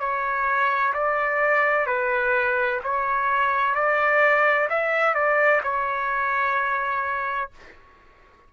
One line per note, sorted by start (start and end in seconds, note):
0.00 0.94 C#5
0.94 1.87 D5
1.87 2.81 B4
2.84 3.75 C#5
3.75 4.69 D5
4.70 5.15 E5
5.15 5.62 D5
5.64 7.51 C#5